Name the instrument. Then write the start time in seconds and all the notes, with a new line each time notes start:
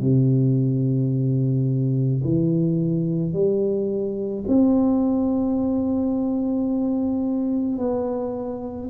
tuba
0.00 C3
2.24 E3
3.33 G3
4.48 C4
7.78 B3